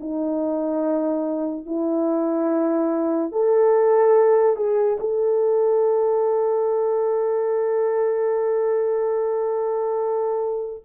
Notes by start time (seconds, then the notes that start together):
0.00 D#4
1.66 E4
3.32 A4
4.56 G#4
5.00 A4